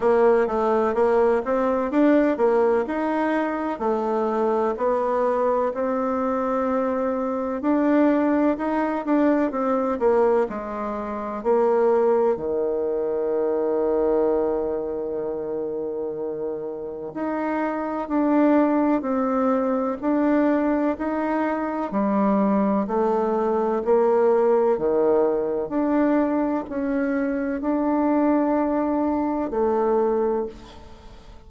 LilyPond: \new Staff \with { instrumentName = "bassoon" } { \time 4/4 \tempo 4 = 63 ais8 a8 ais8 c'8 d'8 ais8 dis'4 | a4 b4 c'2 | d'4 dis'8 d'8 c'8 ais8 gis4 | ais4 dis2.~ |
dis2 dis'4 d'4 | c'4 d'4 dis'4 g4 | a4 ais4 dis4 d'4 | cis'4 d'2 a4 | }